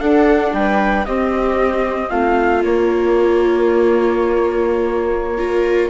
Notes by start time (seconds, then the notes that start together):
0.00 D4 A4 F#5
0.53 G3 B4 G5
1.05 C4 G4 D#5
2.10 A3 F4 F5
2.62 A#3 C#5
5.38 F4 A#4